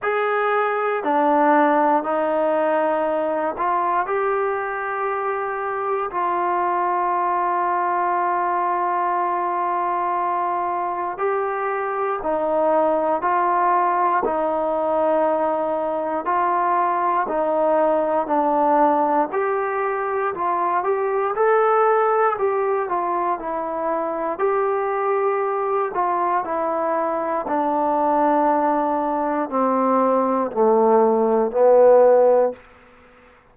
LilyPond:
\new Staff \with { instrumentName = "trombone" } { \time 4/4 \tempo 4 = 59 gis'4 d'4 dis'4. f'8 | g'2 f'2~ | f'2. g'4 | dis'4 f'4 dis'2 |
f'4 dis'4 d'4 g'4 | f'8 g'8 a'4 g'8 f'8 e'4 | g'4. f'8 e'4 d'4~ | d'4 c'4 a4 b4 | }